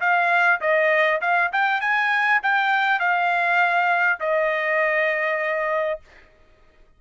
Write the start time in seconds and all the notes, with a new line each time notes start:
0.00 F5
0.60 D#5
1.21 F5
1.52 G5
1.80 G#5
2.42 G5
2.99 F5
4.19 D#5